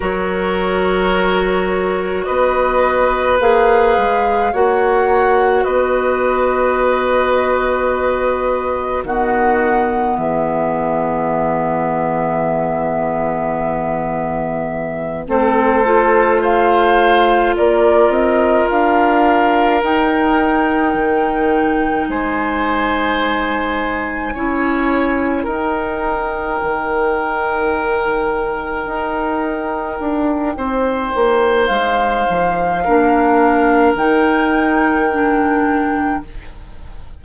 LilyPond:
<<
  \new Staff \with { instrumentName = "flute" } { \time 4/4 \tempo 4 = 53 cis''2 dis''4 f''4 | fis''4 dis''2. | fis''4 e''2.~ | e''4. c''4 f''4 d''8 |
dis''8 f''4 g''2 gis''8~ | gis''2~ gis''8 g''4.~ | g''1 | f''2 g''2 | }
  \new Staff \with { instrumentName = "oboe" } { \time 4/4 ais'2 b'2 | cis''4 b'2. | fis'4 gis'2.~ | gis'4. a'4 c''4 ais'8~ |
ais'2.~ ais'8 c''8~ | c''4. cis''4 ais'4.~ | ais'2. c''4~ | c''4 ais'2. | }
  \new Staff \with { instrumentName = "clarinet" } { \time 4/4 fis'2. gis'4 | fis'1 | b1~ | b4. c'8 f'2~ |
f'4. dis'2~ dis'8~ | dis'4. e'4 dis'4.~ | dis'1~ | dis'4 d'4 dis'4 d'4 | }
  \new Staff \with { instrumentName = "bassoon" } { \time 4/4 fis2 b4 ais8 gis8 | ais4 b2. | dis4 e2.~ | e4. a2 ais8 |
c'8 d'4 dis'4 dis4 gis8~ | gis4. cis'4 dis'4 dis8~ | dis4. dis'4 d'8 c'8 ais8 | gis8 f8 ais4 dis2 | }
>>